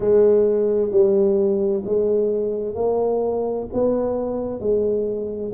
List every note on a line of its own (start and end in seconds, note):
0.00 0.91 G#3
0.91 1.83 G3
1.85 2.74 G#3
2.74 3.67 A#3
3.73 4.59 B3
4.59 5.52 G#3